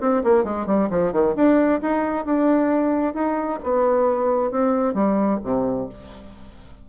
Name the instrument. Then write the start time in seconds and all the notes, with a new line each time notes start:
bassoon
0.00 C4
0.23 A#3
0.43 G#3
0.66 G3
0.90 F3
1.12 D#3
1.35 D4
1.81 D#4
2.25 D4
3.14 D#4
3.63 B3
4.51 C4
4.94 G3
5.43 C3